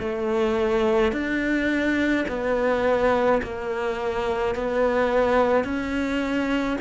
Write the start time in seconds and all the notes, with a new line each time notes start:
0.00 A3
1.13 D4
2.29 B3
3.43 A#3
4.56 B3
5.64 C#4